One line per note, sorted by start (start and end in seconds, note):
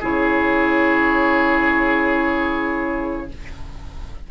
0.00 3.30 C#3
0.00 3.29 E4
0.00 3.27 G#4
0.00 3.31 C#5